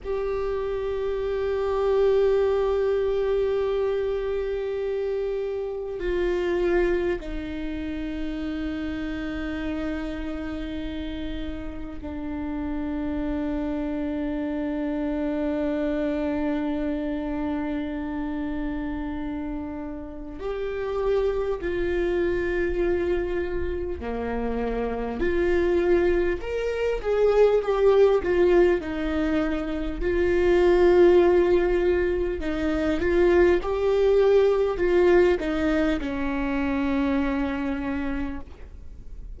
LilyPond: \new Staff \with { instrumentName = "viola" } { \time 4/4 \tempo 4 = 50 g'1~ | g'4 f'4 dis'2~ | dis'2 d'2~ | d'1~ |
d'4 g'4 f'2 | ais4 f'4 ais'8 gis'8 g'8 f'8 | dis'4 f'2 dis'8 f'8 | g'4 f'8 dis'8 cis'2 | }